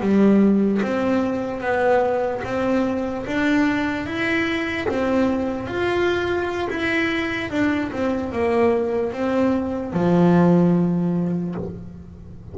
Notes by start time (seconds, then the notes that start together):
0.00 G3
0.82 C4
1.60 B3
2.44 C4
3.26 D4
4.06 E4
4.88 C4
5.67 F4
6.69 E4
7.50 D4
7.92 C4
8.32 A#3
9.13 C4
9.93 F3